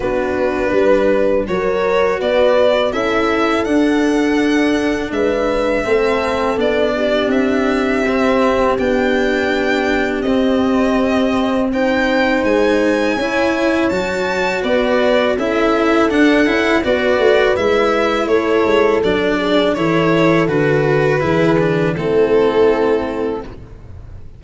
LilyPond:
<<
  \new Staff \with { instrumentName = "violin" } { \time 4/4 \tempo 4 = 82 b'2 cis''4 d''4 | e''4 fis''2 e''4~ | e''4 d''4 e''2 | g''2 dis''2 |
g''4 gis''2 a''4 | d''4 e''4 fis''4 d''4 | e''4 cis''4 d''4 cis''4 | b'2 a'2 | }
  \new Staff \with { instrumentName = "horn" } { \time 4/4 fis'4 b'4 ais'4 b'4 | a'2. b'4 | a'4. g'2~ g'8~ | g'1 |
c''2 cis''2 | b'4 a'2 b'4~ | b'4 a'4. gis'8 a'4~ | a'4 gis'4 e'2 | }
  \new Staff \with { instrumentName = "cello" } { \time 4/4 d'2 fis'2 | e'4 d'2. | c'4 d'2 c'4 | d'2 c'2 |
dis'2 e'4 fis'4~ | fis'4 e'4 d'8 e'8 fis'4 | e'2 d'4 e'4 | fis'4 e'8 d'8 c'2 | }
  \new Staff \with { instrumentName = "tuba" } { \time 4/4 b4 g4 fis4 b4 | cis'4 d'2 gis4 | a4 b4 c'2 | b2 c'2~ |
c'4 gis4 cis'4 fis4 | b4 cis'4 d'8 cis'8 b8 a8 | gis4 a8 gis8 fis4 e4 | d4 e4 a2 | }
>>